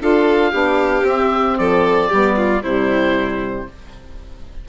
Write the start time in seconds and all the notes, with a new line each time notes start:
0.00 D4 F4 A4 F5
0.51 B3 D4 G4
1.02 C4 E5
1.58 F3 A4 D5
2.09 G3 B3 G4
2.37 F4
2.61 C3 G3 E4 C5